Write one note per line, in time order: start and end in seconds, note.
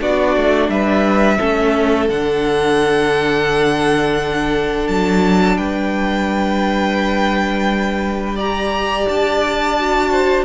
0.00 0.36 B3
0.00 1.39 D4
0.00 0.70 F#4
0.00 0.69 D5
0.36 0.68 A3
0.68 1.38 G3
0.68 1.38 B4
0.68 2.08 E5
1.38 2.08 A3
1.38 2.08 C#4
1.38 5.57 A4
2.08 4.87 D3
2.08 8.37 D4
2.08 4.87 F#5
4.87 5.56 F#3
4.87 5.57 A5
5.56 9.05 G3
5.56 8.35 B4
5.56 8.36 G5
8.35 9.78 G4
8.35 10.09 D5
8.35 9.08 A#5
9.08 10.44 D4
9.08 10.44 A5
9.78 10.44 F#4
10.11 10.44 C5